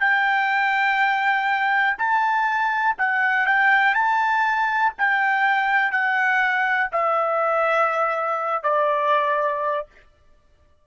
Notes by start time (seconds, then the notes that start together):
0.00 G5
1.98 A5
2.98 F#5
3.47 G5
3.95 A5
4.98 G5
5.92 F#5
6.92 E5
8.63 D5